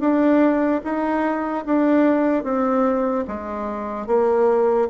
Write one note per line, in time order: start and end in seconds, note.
0.00 0.81 D4
0.84 1.65 D#4
1.65 2.43 D4
2.43 3.24 C4
3.27 4.07 G#3
4.07 4.88 A#3